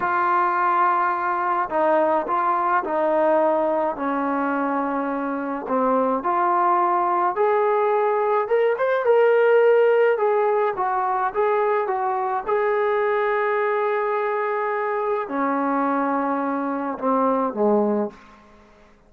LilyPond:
\new Staff \with { instrumentName = "trombone" } { \time 4/4 \tempo 4 = 106 f'2. dis'4 | f'4 dis'2 cis'4~ | cis'2 c'4 f'4~ | f'4 gis'2 ais'8 c''8 |
ais'2 gis'4 fis'4 | gis'4 fis'4 gis'2~ | gis'2. cis'4~ | cis'2 c'4 gis4 | }